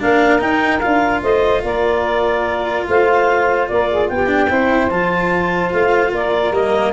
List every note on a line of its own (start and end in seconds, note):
0.00 0.42 A#3
0.00 0.39 D4
0.00 1.22 A#4
0.00 0.41 F5
0.39 0.80 D#4
0.39 0.83 D#4
0.39 0.80 G5
0.80 1.23 D4
0.80 4.27 F4
0.80 1.21 F5
1.22 1.64 A3
1.22 1.63 C5
1.22 1.64 D#5
1.64 2.86 A#3
1.64 2.87 A#4
1.64 2.87 D5
2.88 3.70 A3
2.88 3.71 C5
2.88 3.68 F5
3.68 4.10 A#3
3.68 3.91 A#4
3.68 4.09 D5
3.91 4.11 G#4
4.09 4.51 B3
4.09 4.50 G4
4.09 4.90 G5
4.27 4.48 D4
4.50 4.91 C4
4.50 4.91 E4
4.50 6.13 C5
4.90 5.73 F3
4.90 6.53 F4
4.90 5.72 A5
5.72 6.12 A3
5.72 6.13 F5
6.12 6.51 A#3
6.12 6.93 A#4
6.12 6.54 D5
6.51 6.92 G3
6.51 6.93 A#3
6.51 6.93 D#5